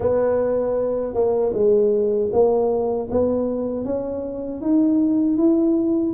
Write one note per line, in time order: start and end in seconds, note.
0.00 1.14 B3
1.14 1.52 A#3
1.53 2.30 G#3
2.32 3.09 A#3
3.10 3.84 B3
3.84 4.61 C#4
4.61 5.37 D#4
5.37 6.14 E4